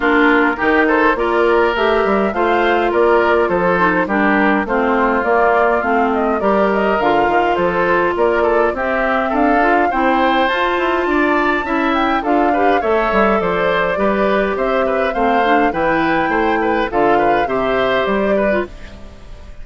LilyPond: <<
  \new Staff \with { instrumentName = "flute" } { \time 4/4 \tempo 4 = 103 ais'4. c''8 d''4 e''4 | f''4 d''4 c''4 ais'4 | c''4 d''4 f''8 dis''8 d''8 dis''8 | f''4 c''4 d''4 e''4 |
f''4 g''4 a''2~ | a''8 g''8 f''4 e''4 d''4~ | d''4 e''4 f''4 g''4~ | g''4 f''4 e''4 d''4 | }
  \new Staff \with { instrumentName = "oboe" } { \time 4/4 f'4 g'8 a'8 ais'2 | c''4 ais'4 a'4 g'4 | f'2. ais'4~ | ais'4 a'4 ais'8 a'8 g'4 |
a'4 c''2 d''4 | e''4 a'8 b'8 cis''4 c''4 | b'4 c''8 b'8 c''4 b'4 | c''8 b'8 a'8 b'8 c''4. b'8 | }
  \new Staff \with { instrumentName = "clarinet" } { \time 4/4 d'4 dis'4 f'4 g'4 | f'2~ f'8 dis'8 d'4 | c'4 ais4 c'4 g'4 | f'2. c'4~ |
c'8 f'8 e'4 f'2 | e'4 f'8 g'8 a'2 | g'2 c'8 d'8 e'4~ | e'4 f'4 g'4.~ g'16 f'16 | }
  \new Staff \with { instrumentName = "bassoon" } { \time 4/4 ais4 dis4 ais4 a8 g8 | a4 ais4 f4 g4 | a4 ais4 a4 g4 | d8 dis8 f4 ais4 c'4 |
d'4 c'4 f'8 e'8 d'4 | cis'4 d'4 a8 g8 f4 | g4 c'4 a4 e4 | a4 d4 c4 g4 | }
>>